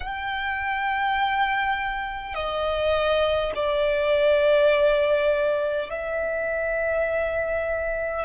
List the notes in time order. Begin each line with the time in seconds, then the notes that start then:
0.00 G5
2.34 D#5
3.55 D5
5.89 E5